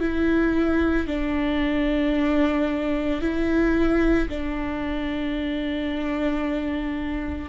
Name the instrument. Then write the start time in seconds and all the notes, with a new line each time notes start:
viola
0.00 E4
1.08 D4
3.21 E4
4.29 D4